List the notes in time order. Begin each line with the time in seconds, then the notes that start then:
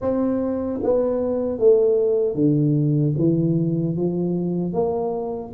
0.01 C4
0.83 B3
1.58 A3
2.35 D3
3.17 E3
3.96 F3
4.73 A#3